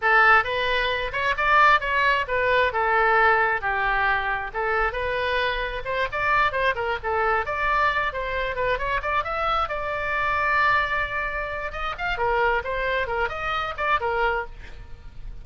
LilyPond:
\new Staff \with { instrumentName = "oboe" } { \time 4/4 \tempo 4 = 133 a'4 b'4. cis''8 d''4 | cis''4 b'4 a'2 | g'2 a'4 b'4~ | b'4 c''8 d''4 c''8 ais'8 a'8~ |
a'8 d''4. c''4 b'8 cis''8 | d''8 e''4 d''2~ d''8~ | d''2 dis''8 f''8 ais'4 | c''4 ais'8 dis''4 d''8 ais'4 | }